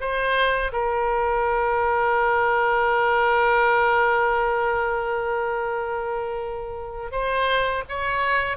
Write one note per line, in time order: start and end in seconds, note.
0.00 0.71 C5
0.72 7.12 A#4
7.12 7.83 C5
7.89 8.57 C#5